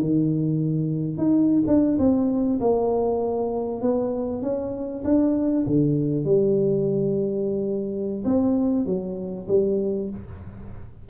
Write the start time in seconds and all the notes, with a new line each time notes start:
0.00 D#3
1.17 D#4
1.67 D4
1.98 C4
2.60 A#3
3.81 B3
4.42 C#4
5.04 D4
5.66 D3
6.24 G3
8.24 C4
8.86 F#3
9.48 G3